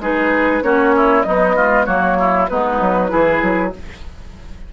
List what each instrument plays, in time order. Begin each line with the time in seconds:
0.00 bassoon G#3, clarinet D#4, oboe G#4, flute B4
0.63 bassoon A#3, clarinet C#4, oboe F#4, flute C#5
0.96 oboe E4
1.23 clarinet F#3, bassoon B3, oboe D#4, flute D#5
1.56 clarinet G#3, oboe F4
1.86 bassoon F#3, clarinet A#3, oboe F#4, flute C#5
2.20 oboe E4
2.49 bassoon G#3, clarinet B3, oboe D#4, flute B4
2.81 bassoon F#3
3.09 bassoon E3, clarinet E4, oboe G#4
3.42 bassoon F#3